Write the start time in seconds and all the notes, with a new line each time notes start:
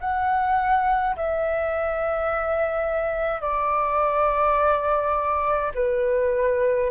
0.00 F#5
1.16 E5
3.40 D5
5.74 B4